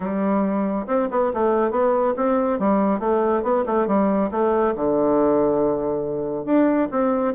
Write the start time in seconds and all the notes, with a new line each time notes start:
0.00 G3
0.86 C4
1.10 B3
1.33 A3
1.71 B3
2.16 C4
2.59 G3
2.99 A3
3.42 B3
3.66 A3
3.87 G3
4.31 A3
4.75 D3
6.45 D4
6.91 C4